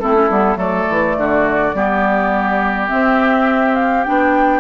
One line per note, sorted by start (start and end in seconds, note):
0.00 0.30 A3
0.00 0.14 C4
0.00 0.58 E4
0.00 0.58 A4
0.14 0.29 C#4
0.30 0.56 G3
0.30 0.56 B3
0.56 0.85 F#3
0.56 1.71 A3
0.56 1.16 A4
0.56 2.89 D5
0.90 1.17 E3
1.17 1.74 D3
1.17 1.76 F#4
1.74 2.90 G3
1.74 2.88 B3
1.74 4.60 G4
2.88 4.03 C4
2.88 4.08 C4
2.88 3.75 E5
3.75 4.04 F5
4.04 4.60 B3
4.04 4.60 D4
4.04 4.60 G5